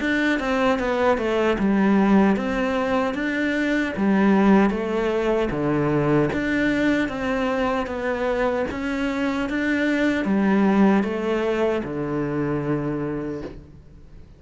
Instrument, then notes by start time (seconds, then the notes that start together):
cello
0.00 D4
0.39 C4
0.79 B3
1.18 A3
1.59 G3
2.36 C4
3.14 D4
3.97 G3
4.70 A3
5.50 D3
6.33 D4
7.08 C4
7.87 B3
8.71 C#4
9.50 D4
10.25 G3
11.03 A3
11.84 D3